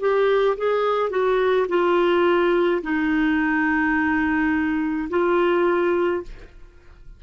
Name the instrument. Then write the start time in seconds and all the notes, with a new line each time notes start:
clarinet
0.00 G4
0.58 G#4
1.10 F#4
1.68 F4
2.83 D#4
5.09 F4